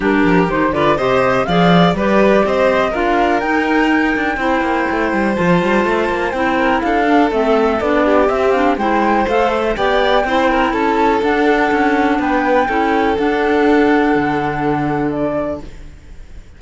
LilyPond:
<<
  \new Staff \with { instrumentName = "flute" } { \time 4/4 \tempo 4 = 123 ais'4 c''8 d''8 dis''4 f''4 | d''4 dis''4 f''4 g''4~ | g''2. a''4~ | a''4 g''4 f''4 e''4 |
d''4 e''8 f''8 g''4 f''8 e''8 | g''2 a''4 fis''4~ | fis''4 g''2 fis''4~ | fis''2. d''4 | }
  \new Staff \with { instrumentName = "violin" } { \time 4/4 g'4. b'8 c''4 d''4 | b'4 c''4 ais'2~ | ais'4 c''2.~ | c''4. ais'8 a'2~ |
a'8 g'4. c''2 | d''4 c''8 ais'8 a'2~ | a'4 b'4 a'2~ | a'1 | }
  \new Staff \with { instrumentName = "clarinet" } { \time 4/4 d'4 dis'8 f'8 g'4 gis'4 | g'2 f'4 dis'4~ | dis'4 e'2 f'4~ | f'4 e'4. d'8 c'4 |
d'4 c'8 d'8 e'4 a'4 | g'4 e'2 d'4~ | d'2 e'4 d'4~ | d'1 | }
  \new Staff \with { instrumentName = "cello" } { \time 4/4 g8 f8 dis8 d8 c4 f4 | g4 c'4 d'4 dis'4~ | dis'8 d'8 c'8 ais8 a8 g8 f8 g8 | a8 ais8 c'4 d'4 a4 |
b4 c'4 gis4 a4 | b4 c'4 cis'4 d'4 | cis'4 b4 cis'4 d'4~ | d'4 d2. | }
>>